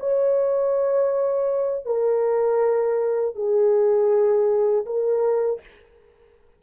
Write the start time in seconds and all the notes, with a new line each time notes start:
0.00 C#5
1.85 A#4
3.35 G#4
4.86 A#4